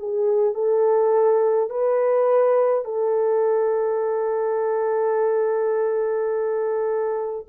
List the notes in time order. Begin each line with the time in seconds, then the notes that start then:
0.00 G#4
0.55 A4
1.70 B4
2.85 A4